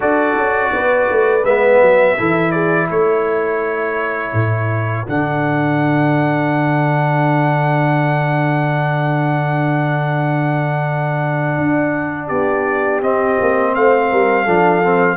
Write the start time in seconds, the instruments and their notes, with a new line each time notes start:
0.00 tuba D4, trombone F#4, horn A4, trumpet D5
0.35 tuba C#4
0.72 tuba B3, horn B4
1.09 tuba A3
1.45 tuba G#3, trombone B3, trumpet E5
1.81 tuba F#3
2.17 tuba E3, trombone E4, horn A4
2.51 horn G#4, trumpet D5
2.88 tuba A3, horn A4, trumpet C#5
4.32 tuba A2
5.07 tuba D3, trombone D4, trumpet F#5
11.57 tuba D4
12.27 tuba B3, horn G4, trumpet D5
13.02 tuba C4, trombone C4, trumpet D#5
13.39 tuba A#3
13.73 tuba A3, horn C5, trumpet F5
14.10 tuba G3, horn A#4
14.44 tuba F3, trombone D4, horn A4
14.83 trombone C4